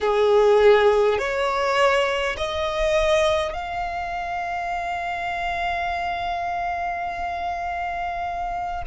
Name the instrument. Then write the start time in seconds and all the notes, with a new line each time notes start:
violin
0.01 G#4
1.18 C#5
2.37 D#5
3.53 F5